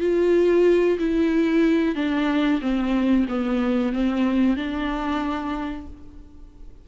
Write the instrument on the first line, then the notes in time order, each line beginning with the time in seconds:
viola
0.00 F4
0.98 E4
1.95 D4
2.61 C4
3.28 B3
3.93 C4
4.56 D4